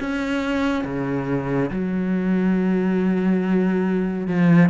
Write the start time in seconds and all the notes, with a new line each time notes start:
0.00 C#4
0.85 C#3
1.71 F#3
4.27 F3